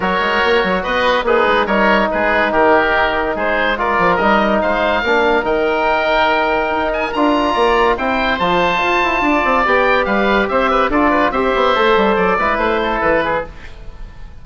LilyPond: <<
  \new Staff \with { instrumentName = "oboe" } { \time 4/4 \tempo 4 = 143 cis''2 dis''4 b'4 | cis''4 b'4 ais'2 | c''4 d''4 dis''4 f''4~ | f''4 g''2.~ |
g''8 gis''8 ais''2 g''4 | a''2. g''4 | f''4 e''4 d''4 e''4~ | e''4 d''4 c''4 b'4 | }
  \new Staff \with { instrumentName = "oboe" } { \time 4/4 ais'2 b'4 dis'4 | ais'4 gis'4 g'2 | gis'4 ais'2 c''4 | ais'1~ |
ais'2 d''4 c''4~ | c''2 d''2 | b'4 c''8 b'8 a'8 b'8 c''4~ | c''4. b'4 a'4 gis'8 | }
  \new Staff \with { instrumentName = "trombone" } { \time 4/4 fis'2. gis'4 | dis'1~ | dis'4 f'4 dis'2 | d'4 dis'2.~ |
dis'4 f'2 e'4 | f'2. g'4~ | g'2 f'4 g'4 | a'4. e'2~ e'8 | }
  \new Staff \with { instrumentName = "bassoon" } { \time 4/4 fis8 gis8 ais8 fis8 b4 ais8 gis8 | g4 gis4 dis2 | gis4. f8 g4 gis4 | ais4 dis2. |
dis'4 d'4 ais4 c'4 | f4 f'8 e'8 d'8 c'8 b4 | g4 c'4 d'4 c'8 b8 | a8 g8 fis8 gis8 a4 e4 | }
>>